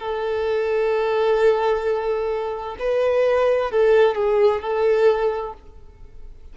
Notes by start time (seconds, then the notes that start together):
0.00 A4
2.80 B4
3.72 A4
4.16 G#4
4.62 A4